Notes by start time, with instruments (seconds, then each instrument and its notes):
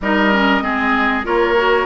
0.01 bassoon G3, clarinet D#4, oboe A#4, flute D#5
0.32 clarinet C#4
0.61 bassoon G#3, clarinet C4, oboe G#4
1.24 bassoon A#3, clarinet F4, oboe A#4, flute C#5
1.56 clarinet F#4